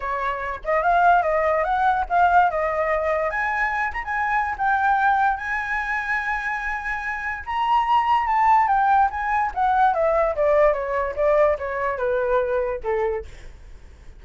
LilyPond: \new Staff \with { instrumentName = "flute" } { \time 4/4 \tempo 4 = 145 cis''4. dis''8 f''4 dis''4 | fis''4 f''4 dis''2 | gis''4. ais''16 gis''4~ gis''16 g''4~ | g''4 gis''2.~ |
gis''2 ais''2 | a''4 g''4 gis''4 fis''4 | e''4 d''4 cis''4 d''4 | cis''4 b'2 a'4 | }